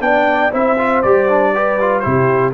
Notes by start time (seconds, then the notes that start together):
0.00 B3 D4 D5 G5
0.51 C4 E4 C5 E5
0.78 F4
1.02 G3 G4 D5
1.29 D4
1.53 G4 B4
1.80 F4
1.99 C3 E4 G4 C5